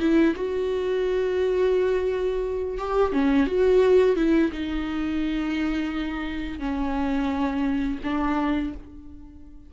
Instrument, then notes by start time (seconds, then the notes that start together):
viola
0.00 E4
0.36 F#4
2.78 G4
3.13 C#4
3.47 F#4
4.17 E4
4.53 D#4
6.60 C#4
8.04 D4